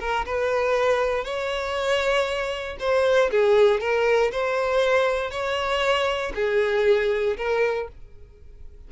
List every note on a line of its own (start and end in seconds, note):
0.00 0.25 A#4
0.26 1.25 B4
1.25 2.77 C#5
2.80 3.31 C5
3.31 3.81 G#4
3.81 4.32 A#4
4.32 5.31 C5
5.31 6.33 C#5
6.35 7.37 G#4
7.37 7.88 A#4